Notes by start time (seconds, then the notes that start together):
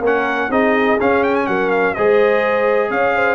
0.00 A#3 C#4 A#4 F#5
0.49 C4 D#4 G#4 D#5
0.99 C#4 F5
1.23 G5
1.35 G#5
1.46 F#3 A#4 F#5
1.71 F5
1.94 G#3 G#4 C5 D#5
2.90 C#4 C#5 F5
3.15 C5